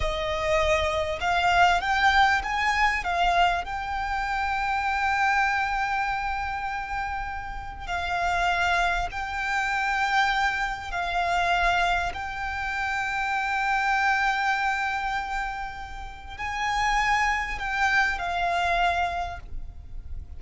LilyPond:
\new Staff \with { instrumentName = "violin" } { \time 4/4 \tempo 4 = 99 dis''2 f''4 g''4 | gis''4 f''4 g''2~ | g''1~ | g''4 f''2 g''4~ |
g''2 f''2 | g''1~ | g''2. gis''4~ | gis''4 g''4 f''2 | }